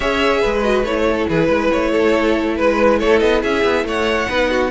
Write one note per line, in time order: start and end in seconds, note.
0.00 0.43 C#4
0.00 0.63 G#4
0.00 0.40 C#5
0.00 0.61 E5
0.40 0.83 G#3
0.40 1.04 B4
0.62 0.84 F#4
0.62 0.83 D#5
0.83 1.26 A3
0.83 4.28 E4
0.83 1.28 C#5
1.10 1.29 A4
1.29 1.48 E3
1.29 1.48 G#4
1.29 1.71 B4
1.48 1.70 G#3
1.48 1.91 B4
1.71 2.59 A3
1.71 2.56 C#5
1.91 2.56 A4
2.56 3.02 G#3
2.56 2.99 B4
2.99 3.21 A3
2.99 3.42 A4
2.99 3.19 C#5
3.19 3.42 B3
3.19 3.41 D#5
3.42 3.64 C#4
3.42 3.84 G#4
3.42 3.86 E5
3.64 3.83 B3
3.83 4.26 A3
3.83 4.29 C#5
3.83 4.70 F#5
4.28 4.70 B3
4.28 4.70 D#4
4.28 4.50 B4
4.50 4.70 F#4